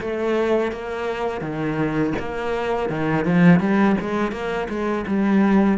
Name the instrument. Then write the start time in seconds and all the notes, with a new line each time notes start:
cello
0.00 A3
0.71 A#3
1.41 D#3
2.19 A#3
2.89 D#3
3.25 F3
3.59 G3
4.00 G#3
4.31 A#3
4.69 G#3
5.07 G3